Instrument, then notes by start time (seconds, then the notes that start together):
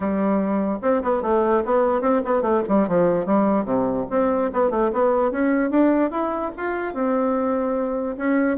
bassoon
0.00 G3
0.81 C4
1.02 B3
1.22 A3
1.65 B3
2.01 C4
2.24 B3
2.41 A3
2.68 G3
2.88 F3
3.26 G3
3.65 C3
4.10 C4
4.53 B3
4.70 A3
4.93 B3
5.31 C#4
5.70 D4
6.11 E4
6.56 F4
6.94 C4
8.17 C#4